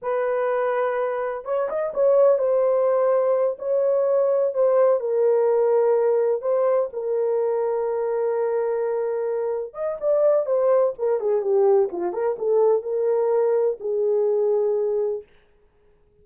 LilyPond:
\new Staff \with { instrumentName = "horn" } { \time 4/4 \tempo 4 = 126 b'2. cis''8 dis''8 | cis''4 c''2~ c''8 cis''8~ | cis''4. c''4 ais'4.~ | ais'4. c''4 ais'4.~ |
ais'1~ | ais'8 dis''8 d''4 c''4 ais'8 gis'8 | g'4 f'8 ais'8 a'4 ais'4~ | ais'4 gis'2. | }